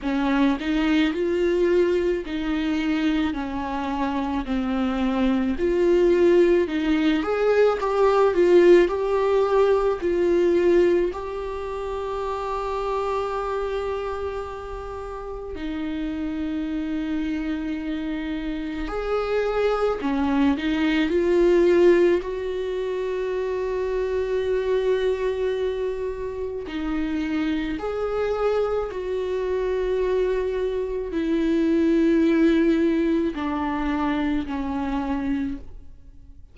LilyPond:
\new Staff \with { instrumentName = "viola" } { \time 4/4 \tempo 4 = 54 cis'8 dis'8 f'4 dis'4 cis'4 | c'4 f'4 dis'8 gis'8 g'8 f'8 | g'4 f'4 g'2~ | g'2 dis'2~ |
dis'4 gis'4 cis'8 dis'8 f'4 | fis'1 | dis'4 gis'4 fis'2 | e'2 d'4 cis'4 | }